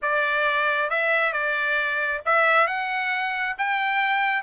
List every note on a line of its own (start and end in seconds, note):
0.01 0.89 D5
0.89 1.32 E5
1.32 2.21 D5
2.25 2.67 E5
2.67 3.56 F#5
3.57 4.42 G5